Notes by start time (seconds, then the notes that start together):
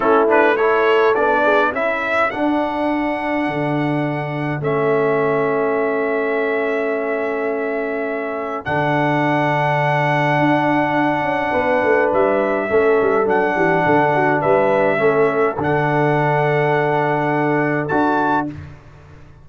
0.00 A3 C#4 E4 A4
0.27 D4 B4
0.56 E4 A4 C#5
1.14 B3 D4 D5
1.43 G#4
1.69 C#4 E4 A4 E5
2.30 D4 F#5
3.47 D3
4.60 A3 C#4 E5
8.65 D3 D4 F#5
10.38 D4
11.21 C#4
11.50 B3 B4
11.82 A3
12.12 G3 E5
12.69 A3 C#4 A4
13.01 G3
13.25 F#3 D4 F#5
13.55 E3 G4
13.85 D3 A4
14.14 F#4
14.41 G3 B4 E5
14.97 A3 C#4 A4
15.58 D3 D4 F#5
17.87 D4 F#4 A5